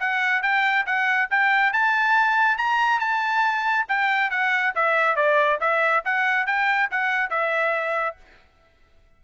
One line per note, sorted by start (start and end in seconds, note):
0.00 0.43 F#5
0.43 0.86 G5
0.87 1.30 F#5
1.31 1.73 G5
1.73 2.58 A5
2.58 3.00 A#5
3.00 3.86 A5
3.89 4.31 G5
4.31 4.74 F#5
4.76 5.16 E5
5.16 5.60 D5
5.61 6.04 E5
6.05 6.47 F#5
6.47 6.90 G5
6.91 7.30 F#5
7.30 8.17 E5